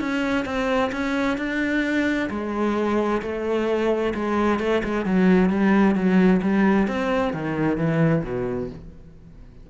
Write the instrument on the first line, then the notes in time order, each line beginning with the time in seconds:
cello
0.00 C#4
0.46 C4
0.92 C#4
1.38 D4
2.30 G#3
3.22 A3
4.15 G#3
4.60 A3
4.84 G#3
5.05 F#3
5.50 G3
5.95 F#3
6.42 G3
6.88 C4
7.33 D#3
7.77 E3
8.24 B2